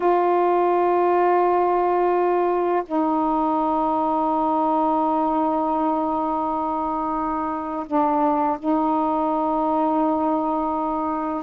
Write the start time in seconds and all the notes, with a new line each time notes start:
0.00 F4
2.86 D#4
7.86 D4
8.59 D#4